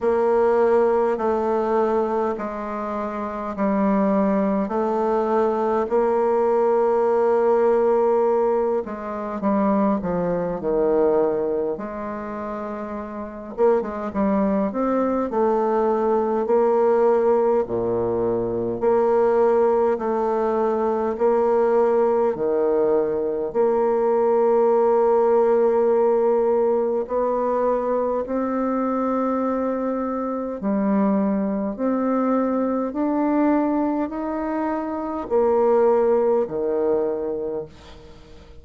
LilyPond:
\new Staff \with { instrumentName = "bassoon" } { \time 4/4 \tempo 4 = 51 ais4 a4 gis4 g4 | a4 ais2~ ais8 gis8 | g8 f8 dis4 gis4. ais16 gis16 | g8 c'8 a4 ais4 ais,4 |
ais4 a4 ais4 dis4 | ais2. b4 | c'2 g4 c'4 | d'4 dis'4 ais4 dis4 | }